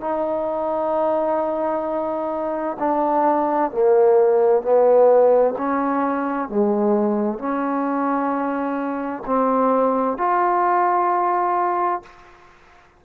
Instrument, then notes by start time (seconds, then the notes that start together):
trombone
0.00 D#4
2.79 D4
3.71 A#3
4.62 B3
5.57 C#4
6.49 G#3
7.38 C#4
9.26 C4
10.17 F4